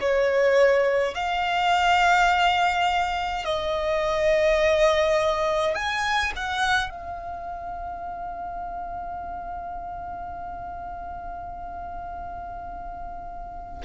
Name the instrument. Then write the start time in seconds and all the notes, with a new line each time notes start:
violin
0.00 C#5
1.14 F5
3.45 D#5
5.74 G#5
6.36 F#5
6.89 F5